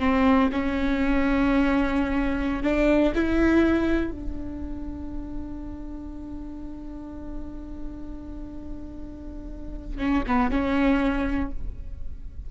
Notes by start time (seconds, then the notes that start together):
0.00 C4
0.52 C#4
2.63 D4
3.15 E4
4.12 D4
9.98 C#4
10.27 B3
10.51 C#4